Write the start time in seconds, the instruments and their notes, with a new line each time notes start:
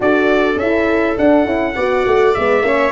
0.00 tuba D4, horn F#4, viola A4, trumpet D5
0.56 tuba C#4, horn E4, trumpet E5
1.17 horn D4, tuba D4, trumpet F#5
1.45 tuba C#4, horn E4
1.75 tuba B3, horn F#4, viola D5
2.06 tuba A3
2.34 tuba G#3, horn B3, trumpet E5
2.61 tuba A#3, horn C#4, viola C#5